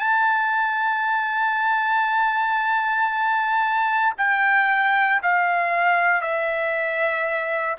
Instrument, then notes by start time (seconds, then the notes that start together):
trumpet
0.00 A5
4.18 G5
5.23 F5
6.21 E5